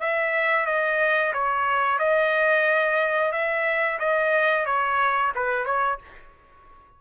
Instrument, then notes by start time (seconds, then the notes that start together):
trumpet
0.00 E5
0.66 D#5
1.33 C#5
1.99 D#5
3.32 E5
3.99 D#5
4.65 C#5
5.35 B4
5.65 C#5